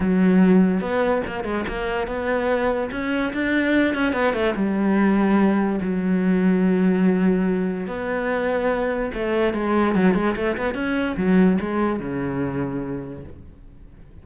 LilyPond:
\new Staff \with { instrumentName = "cello" } { \time 4/4 \tempo 4 = 145 fis2 b4 ais8 gis8 | ais4 b2 cis'4 | d'4. cis'8 b8 a8 g4~ | g2 fis2~ |
fis2. b4~ | b2 a4 gis4 | fis8 gis8 a8 b8 cis'4 fis4 | gis4 cis2. | }